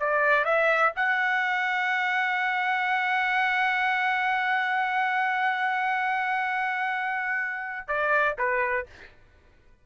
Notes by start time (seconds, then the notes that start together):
0.00 D5
0.45 E5
0.96 F#5
7.88 D5
8.38 B4